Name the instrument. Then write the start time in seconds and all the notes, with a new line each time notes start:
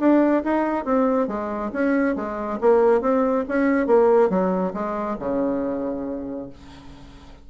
bassoon
0.00 D4
0.44 D#4
0.85 C4
1.28 G#3
1.73 C#4
2.16 G#3
2.61 A#3
3.02 C4
3.49 C#4
3.87 A#3
4.30 F#3
4.74 G#3
5.20 C#3